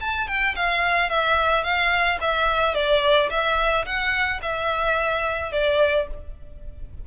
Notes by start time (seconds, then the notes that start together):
0.00 A5
0.27 G5
0.55 F5
1.09 E5
1.63 F5
2.20 E5
2.74 D5
3.30 E5
3.85 F#5
4.42 E5
5.52 D5